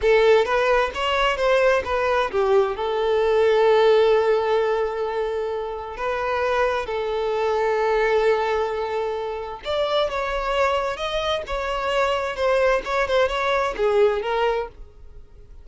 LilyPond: \new Staff \with { instrumentName = "violin" } { \time 4/4 \tempo 4 = 131 a'4 b'4 cis''4 c''4 | b'4 g'4 a'2~ | a'1~ | a'4 b'2 a'4~ |
a'1~ | a'4 d''4 cis''2 | dis''4 cis''2 c''4 | cis''8 c''8 cis''4 gis'4 ais'4 | }